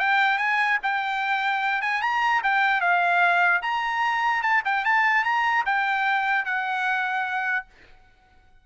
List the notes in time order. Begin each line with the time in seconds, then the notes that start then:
0.00 G5
0.39 G#5
0.83 G5
1.82 G#5
2.02 A#5
2.44 G5
2.81 F5
3.62 A#5
4.43 A5
4.65 G5
4.85 A5
5.24 A#5
5.66 G5
6.46 F#5